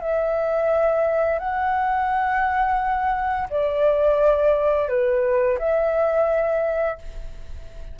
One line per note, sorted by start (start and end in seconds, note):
0.00 1.39 E5
1.39 3.48 F#5
3.49 4.88 D5
4.88 5.58 B4
5.58 6.98 E5